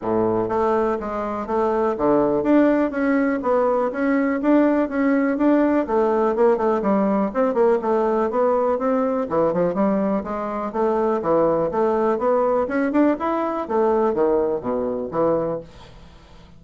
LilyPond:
\new Staff \with { instrumentName = "bassoon" } { \time 4/4 \tempo 4 = 123 a,4 a4 gis4 a4 | d4 d'4 cis'4 b4 | cis'4 d'4 cis'4 d'4 | a4 ais8 a8 g4 c'8 ais8 |
a4 b4 c'4 e8 f8 | g4 gis4 a4 e4 | a4 b4 cis'8 d'8 e'4 | a4 dis4 b,4 e4 | }